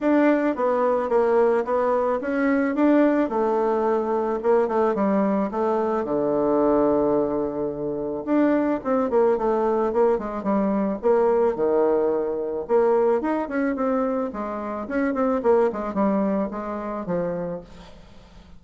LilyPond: \new Staff \with { instrumentName = "bassoon" } { \time 4/4 \tempo 4 = 109 d'4 b4 ais4 b4 | cis'4 d'4 a2 | ais8 a8 g4 a4 d4~ | d2. d'4 |
c'8 ais8 a4 ais8 gis8 g4 | ais4 dis2 ais4 | dis'8 cis'8 c'4 gis4 cis'8 c'8 | ais8 gis8 g4 gis4 f4 | }